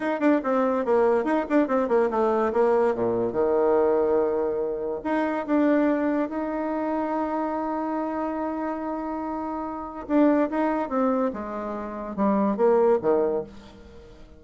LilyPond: \new Staff \with { instrumentName = "bassoon" } { \time 4/4 \tempo 4 = 143 dis'8 d'8 c'4 ais4 dis'8 d'8 | c'8 ais8 a4 ais4 ais,4 | dis1 | dis'4 d'2 dis'4~ |
dis'1~ | dis'1 | d'4 dis'4 c'4 gis4~ | gis4 g4 ais4 dis4 | }